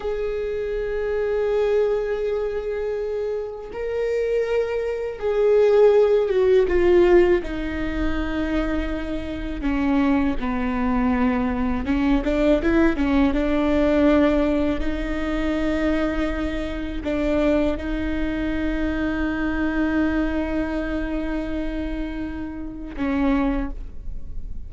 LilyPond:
\new Staff \with { instrumentName = "viola" } { \time 4/4 \tempo 4 = 81 gis'1~ | gis'4 ais'2 gis'4~ | gis'8 fis'8 f'4 dis'2~ | dis'4 cis'4 b2 |
cis'8 d'8 e'8 cis'8 d'2 | dis'2. d'4 | dis'1~ | dis'2. cis'4 | }